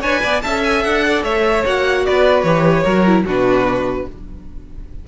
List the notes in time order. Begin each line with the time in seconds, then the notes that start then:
0.00 D4 B4 C#5 G#5
0.22 B3 D5
0.41 C#4 A4 E5 A5
0.64 G#5
0.83 D4 F#5
1.06 D5
1.23 A3 C#5 E5
1.66 A#3 F#4 F#5
2.05 B3 B4 D5
2.43 E3 G4 C#5
2.83 F#3 F#4 A#4
3.06 E4
3.25 B2 D4 F#4 B4